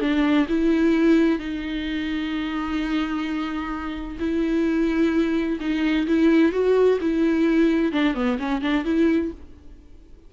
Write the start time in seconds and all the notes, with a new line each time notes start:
0.00 D4
0.48 E4
1.39 D#4
4.19 E4
5.60 D#4
6.07 E4
6.52 F#4
7.01 E4
7.92 D4
8.14 B3
8.39 C#4
8.61 D4
8.85 E4